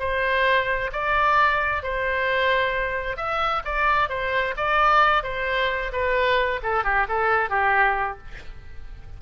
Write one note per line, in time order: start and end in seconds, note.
0.00 0.91 C5
0.93 1.83 D5
1.83 3.17 C5
3.17 3.63 E5
3.65 4.09 D5
4.09 4.55 C5
4.57 5.24 D5
5.24 5.92 C5
5.93 6.61 B4
6.63 6.85 A4
6.85 7.07 G4
7.08 7.50 A4
7.50 8.18 G4